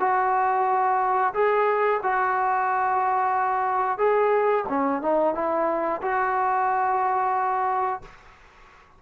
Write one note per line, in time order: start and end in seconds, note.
0.00 1.33 F#4
1.34 2.01 G#4
2.03 3.98 F#4
3.98 4.65 G#4
4.69 5.02 C#4
5.02 5.35 D#4
5.35 6.01 E4
6.02 8.02 F#4